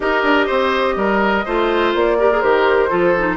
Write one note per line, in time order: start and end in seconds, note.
0.00 0.23 D#4
0.00 1.45 G4
0.00 0.46 A#4
0.00 1.94 D#5
0.23 0.47 D4
0.46 0.96 C4
0.46 0.94 C5
0.96 1.44 G3
0.96 1.45 A#4
1.45 1.94 A3
1.45 2.19 F4
1.45 2.17 C5
1.94 2.42 A#3
1.94 2.40 D5
2.18 2.31 G4
2.18 2.89 A#4
2.31 2.42 G#4
2.40 2.91 D#3
2.40 2.89 G4
2.40 3.36 C5
2.89 3.36 F3
2.89 3.13 F4
2.89 3.36 A4
3.18 3.36 D#4